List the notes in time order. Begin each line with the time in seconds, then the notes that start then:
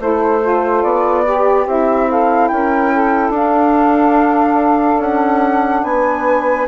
0.00 A3 E4 A4 C5
0.42 F4
0.83 B3 D5
1.25 G4
1.67 C4 E4 E5
2.09 A4 F5
2.48 C#4 A#4 G5
2.93 A4
3.30 D4 F5
4.99 C#4 F#5
5.84 B3 B4 G#5